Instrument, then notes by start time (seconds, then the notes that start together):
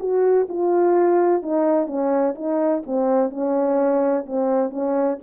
horn
0.00 F#4
0.49 F4
1.43 D#4
1.87 C#4
2.35 D#4
2.87 C4
3.30 C#4
4.27 C4
4.71 C#4